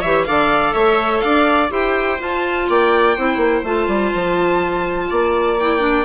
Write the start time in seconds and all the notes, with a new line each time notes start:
0.00 E3 G4 C#5 E5
0.25 D3 A4 D5 F5
0.73 A3 C#5 E5
1.20 D4 D5 F5
1.70 E4 G4 C5 G5
2.20 F4 A5
2.69 A#3 D5 G5
3.16 C4 E4 C5
3.37 A#3
3.64 A3 F4 A5
3.87 G3
4.14 F3
5.10 A#3 D5
5.59 E4 G5
5.79 D4